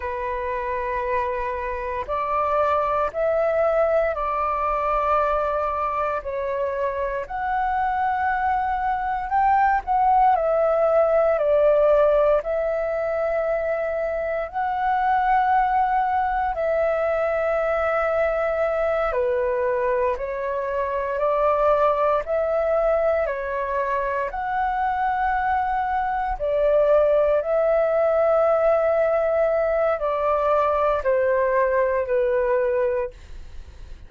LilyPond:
\new Staff \with { instrumentName = "flute" } { \time 4/4 \tempo 4 = 58 b'2 d''4 e''4 | d''2 cis''4 fis''4~ | fis''4 g''8 fis''8 e''4 d''4 | e''2 fis''2 |
e''2~ e''8 b'4 cis''8~ | cis''8 d''4 e''4 cis''4 fis''8~ | fis''4. d''4 e''4.~ | e''4 d''4 c''4 b'4 | }